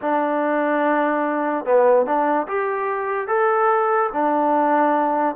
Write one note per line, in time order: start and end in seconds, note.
0.01 1.65 D4
1.65 2.05 B3
2.05 2.47 D4
2.47 3.27 G4
3.27 4.09 A4
4.12 5.35 D4